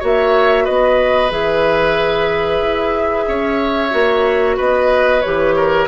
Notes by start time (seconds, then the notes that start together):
0.00 A#3 F#4 C#5 E5
0.65 B3 B4 D#5
1.30 E3 G#4 E5
2.61 E4
3.28 C#4 C#5
3.91 A#3 F#4
4.57 B3 B4 D#5
5.21 E3 G4 C#5
5.57 A#4